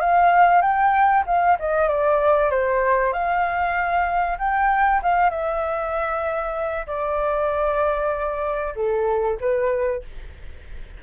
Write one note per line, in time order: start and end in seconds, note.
0.00 0.62 F5
0.62 1.24 G5
1.26 1.58 F5
1.60 1.88 D#5
1.88 2.51 D5
2.51 3.13 C5
3.13 4.38 F5
4.39 5.01 G5
5.02 5.30 F5
5.30 6.86 E5
6.87 8.74 D5
8.76 9.38 A4
9.41 10.03 B4